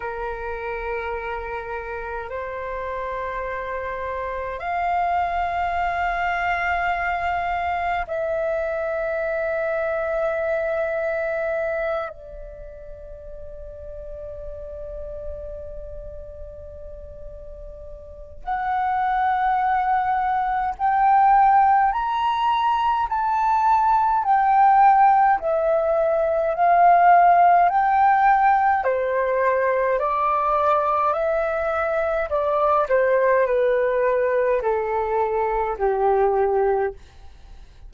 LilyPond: \new Staff \with { instrumentName = "flute" } { \time 4/4 \tempo 4 = 52 ais'2 c''2 | f''2. e''4~ | e''2~ e''8 d''4.~ | d''1 |
fis''2 g''4 ais''4 | a''4 g''4 e''4 f''4 | g''4 c''4 d''4 e''4 | d''8 c''8 b'4 a'4 g'4 | }